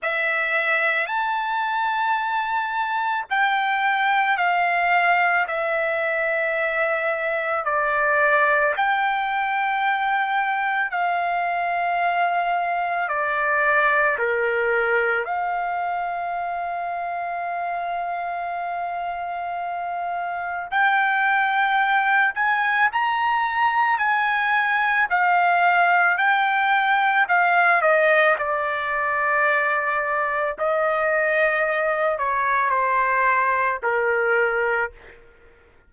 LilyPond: \new Staff \with { instrumentName = "trumpet" } { \time 4/4 \tempo 4 = 55 e''4 a''2 g''4 | f''4 e''2 d''4 | g''2 f''2 | d''4 ais'4 f''2~ |
f''2. g''4~ | g''8 gis''8 ais''4 gis''4 f''4 | g''4 f''8 dis''8 d''2 | dis''4. cis''8 c''4 ais'4 | }